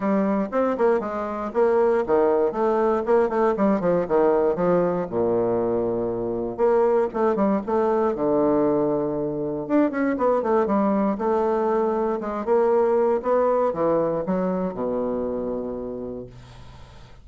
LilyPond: \new Staff \with { instrumentName = "bassoon" } { \time 4/4 \tempo 4 = 118 g4 c'8 ais8 gis4 ais4 | dis4 a4 ais8 a8 g8 f8 | dis4 f4 ais,2~ | ais,4 ais4 a8 g8 a4 |
d2. d'8 cis'8 | b8 a8 g4 a2 | gis8 ais4. b4 e4 | fis4 b,2. | }